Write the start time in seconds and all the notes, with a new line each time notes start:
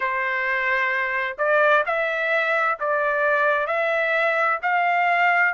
0.00 C5
1.38 D5
1.86 E5
2.79 D5
3.66 E5
4.62 F5